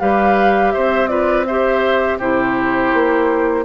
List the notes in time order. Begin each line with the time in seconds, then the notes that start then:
0.00 G3 G4 B4 F5
0.72 C4 C5 E5
1.08 F4 B4 D5
1.46 G4 C5 E5
2.19 C3 E4 G4 C5
2.94 A#3